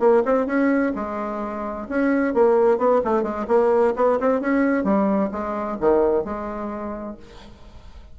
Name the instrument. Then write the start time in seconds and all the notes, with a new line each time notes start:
bassoon
0.00 A#3
0.26 C4
0.47 C#4
0.95 G#3
1.89 C#4
2.34 A#3
2.79 B3
3.05 A3
3.23 G#3
3.48 A#3
3.97 B3
4.20 C4
4.41 C#4
4.84 G3
5.32 G#3
5.81 D#3
6.25 G#3